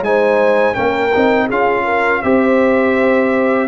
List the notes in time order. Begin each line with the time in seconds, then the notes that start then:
0.00 G#3 D#4 G#5
0.06 C5
0.74 A#3 C#4 A#4 G5
1.14 C4 D#4
1.46 C#4 F4 G#4 F5
1.84 A#4
2.22 C4 G4 C5 E5